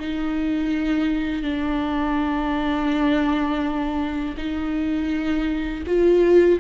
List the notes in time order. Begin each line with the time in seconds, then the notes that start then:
0.00 D#4
1.43 D4
4.38 D#4
5.87 F4